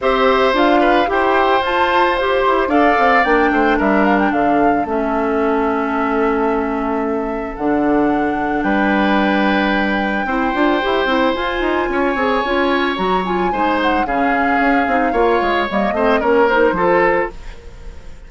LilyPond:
<<
  \new Staff \with { instrumentName = "flute" } { \time 4/4 \tempo 4 = 111 e''4 f''4 g''4 a''4 | c''4 f''4 g''4 e''8 f''16 g''16 | f''4 e''2.~ | e''2 fis''2 |
g''1~ | g''4 gis''2. | ais''8 gis''4 fis''8 f''2~ | f''4 dis''4 cis''8 c''4. | }
  \new Staff \with { instrumentName = "oboe" } { \time 4/4 c''4. b'8 c''2~ | c''4 d''4. c''8 ais'4 | a'1~ | a'1 |
b'2. c''4~ | c''2 cis''2~ | cis''4 c''4 gis'2 | cis''4. c''8 ais'4 a'4 | }
  \new Staff \with { instrumentName = "clarinet" } { \time 4/4 g'4 f'4 g'4 f'4 | g'4 a'4 d'2~ | d'4 cis'2.~ | cis'2 d'2~ |
d'2. e'8 f'8 | g'8 e'8 f'4. gis'8 f'4 | fis'8 f'8 dis'4 cis'4. dis'8 | f'4 ais8 c'8 cis'8 dis'8 f'4 | }
  \new Staff \with { instrumentName = "bassoon" } { \time 4/4 c'4 d'4 e'4 f'4~ | f'8 e'8 d'8 c'8 ais8 a8 g4 | d4 a2.~ | a2 d2 |
g2. c'8 d'8 | e'8 c'8 f'8 dis'8 cis'8 c'8 cis'4 | fis4 gis4 cis4 cis'8 c'8 | ais8 gis8 g8 a8 ais4 f4 | }
>>